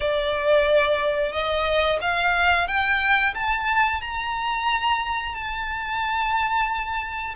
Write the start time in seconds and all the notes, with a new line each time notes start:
0.00 D5
1.32 D#5
2.01 F5
2.67 G5
3.34 A5
4.01 A#5
5.35 A5